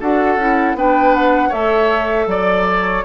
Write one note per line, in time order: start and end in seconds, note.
0.00 0.36 D4
0.00 0.38 F#4
0.00 0.76 A4
0.00 0.77 F#5
0.36 0.74 C#4
0.36 0.76 E4
0.74 1.50 B3
0.74 1.51 D4
0.74 1.48 B4
0.74 1.14 G5
1.14 1.52 F#5
1.48 2.26 A3
1.48 3.03 A4
1.48 2.24 C#5
1.48 2.28 E5
2.26 3.02 F#3
2.26 2.67 D5
2.26 3.04 D5
2.67 3.04 C#5